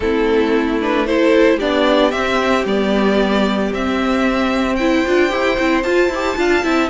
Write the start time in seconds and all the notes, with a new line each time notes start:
0.00 A3 C4 E4 A4
0.80 D4 B4
1.06 E4 A4 C5
1.57 B3 D4 G4 D5
2.11 C4 E5
2.65 G3 B3 D5
3.72 C4 E5
4.75 E4 C5 G5
5.05 D4 F4
5.28 E4 G4
5.58 C4 E4
5.82 F4 A5
6.09 E4 G4
6.36 D4 F4 F5
6.63 C4 E4 E5